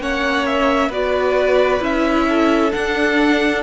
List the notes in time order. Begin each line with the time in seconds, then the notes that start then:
0.00 A#3 C#4 C#5 F#5
0.46 E5
0.90 B3 F#4 B4 D5
1.81 C#4 E4 E5
2.29 A4
2.72 D4 F#5